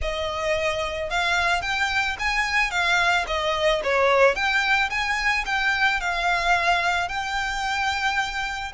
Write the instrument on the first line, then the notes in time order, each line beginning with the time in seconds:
violin
0.01 D#5
1.10 F5
1.61 G5
2.19 G#5
2.70 F5
3.27 D#5
3.83 C#5
4.35 G5
4.89 G#5
5.45 G5
6.00 F5
7.08 G5